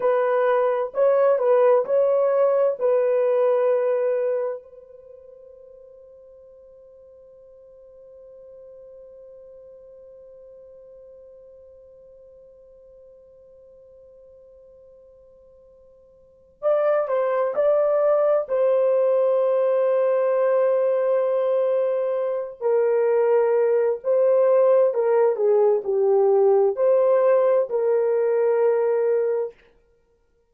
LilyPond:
\new Staff \with { instrumentName = "horn" } { \time 4/4 \tempo 4 = 65 b'4 cis''8 b'8 cis''4 b'4~ | b'4 c''2.~ | c''1~ | c''1~ |
c''2 d''8 c''8 d''4 | c''1~ | c''8 ais'4. c''4 ais'8 gis'8 | g'4 c''4 ais'2 | }